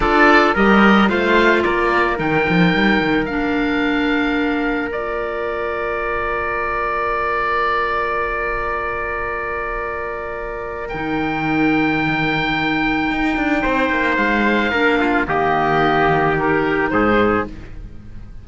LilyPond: <<
  \new Staff \with { instrumentName = "oboe" } { \time 4/4 \tempo 4 = 110 d''4 dis''4 f''4 d''4 | g''2 f''2~ | f''4 d''2.~ | d''1~ |
d''1 | g''1~ | g''2 f''2 | dis''2 ais'4 c''4 | }
  \new Staff \with { instrumentName = "trumpet" } { \time 4/4 a'4 ais'4 c''4 ais'4~ | ais'1~ | ais'1~ | ais'1~ |
ais'1~ | ais'1~ | ais'4 c''2 ais'8 f'8 | g'2. gis'4 | }
  \new Staff \with { instrumentName = "clarinet" } { \time 4/4 f'4 g'4 f'2 | dis'2 d'2~ | d'4 f'2.~ | f'1~ |
f'1 | dis'1~ | dis'2. d'4 | ais2 dis'2 | }
  \new Staff \with { instrumentName = "cello" } { \time 4/4 d'4 g4 a4 ais4 | dis8 f8 g8 dis8 ais2~ | ais1~ | ais1~ |
ais1 | dis1 | dis'8 d'8 c'8 ais8 gis4 ais4 | dis2. gis,4 | }
>>